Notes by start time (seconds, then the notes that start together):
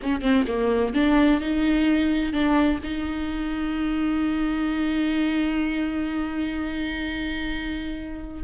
0.02 C#4
0.21 C4
0.47 A#3
0.94 D4
1.40 D#4
2.32 D4
2.83 D#4